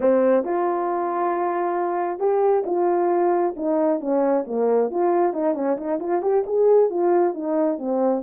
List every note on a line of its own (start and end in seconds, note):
0.00 0.44 C4
0.44 2.19 F4
2.19 2.63 G4
2.66 3.55 F4
3.56 4.00 D#4
4.00 4.44 C#4
4.46 4.90 A#3
4.90 5.33 F4
5.33 5.54 D#4
5.54 5.76 C#4
5.77 5.99 D#4
5.99 6.21 F4
6.22 6.44 G4
6.46 6.89 G#4
6.89 7.34 F4
7.34 7.78 D#4
7.78 8.22 C4